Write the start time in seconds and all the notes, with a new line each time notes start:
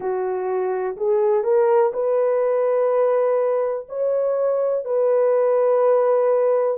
0.00 F#4
0.97 G#4
1.43 A#4
1.93 B4
3.88 C#5
4.84 B4